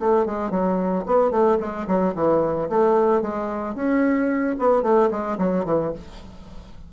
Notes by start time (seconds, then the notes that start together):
0.00 A3
0.26 G#3
0.51 F#3
1.06 B3
1.31 A3
1.60 G#3
1.88 F#3
2.15 E3
2.70 A3
3.22 G#3
3.75 C#4
4.59 B3
4.83 A3
5.11 G#3
5.39 F#3
5.65 E3